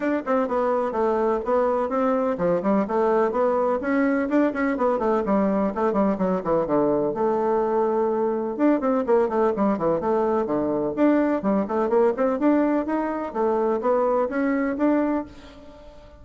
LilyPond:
\new Staff \with { instrumentName = "bassoon" } { \time 4/4 \tempo 4 = 126 d'8 c'8 b4 a4 b4 | c'4 f8 g8 a4 b4 | cis'4 d'8 cis'8 b8 a8 g4 | a8 g8 fis8 e8 d4 a4~ |
a2 d'8 c'8 ais8 a8 | g8 e8 a4 d4 d'4 | g8 a8 ais8 c'8 d'4 dis'4 | a4 b4 cis'4 d'4 | }